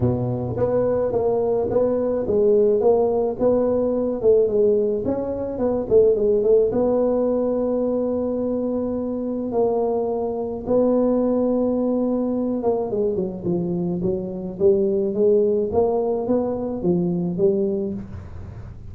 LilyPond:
\new Staff \with { instrumentName = "tuba" } { \time 4/4 \tempo 4 = 107 b,4 b4 ais4 b4 | gis4 ais4 b4. a8 | gis4 cis'4 b8 a8 gis8 a8 | b1~ |
b4 ais2 b4~ | b2~ b8 ais8 gis8 fis8 | f4 fis4 g4 gis4 | ais4 b4 f4 g4 | }